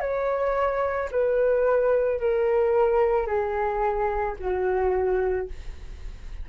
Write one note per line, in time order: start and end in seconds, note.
0.00 1.09 C#5
1.12 2.20 B4
2.20 3.27 A#4
3.27 4.36 G#4
4.39 5.48 F#4